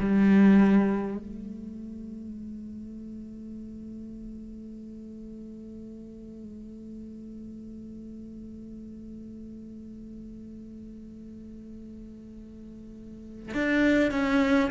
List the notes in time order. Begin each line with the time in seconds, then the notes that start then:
0.00 G3
1.17 A3
13.54 D4
14.11 C#4